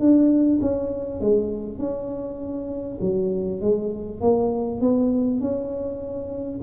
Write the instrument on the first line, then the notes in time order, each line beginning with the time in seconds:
tuba
0.00 D4
0.62 C#4
1.21 G#3
1.78 C#4
3.01 F#3
3.61 G#3
4.21 A#3
4.81 B3
5.41 C#4